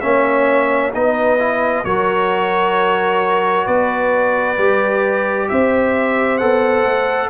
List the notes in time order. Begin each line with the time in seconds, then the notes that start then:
0.00 A#3 C#4 C#5 E5
0.94 B3 D#4 B4 D#5
1.39 E4
1.84 F#3 F#4 A#4 C#5
3.65 B3 B4 D5
4.58 G3 G4
5.48 C4 C5 E5
6.38 B3 A4 F#5
6.85 A3